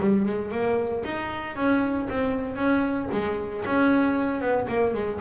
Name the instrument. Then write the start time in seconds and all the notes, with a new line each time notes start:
double bass
0.00 G3
0.25 G#3
0.51 A#3
1.05 D#4
1.56 C#4
2.09 C4
2.56 C#4
3.12 G#3
3.66 C#4
4.41 B3
4.68 A#3
4.94 G#3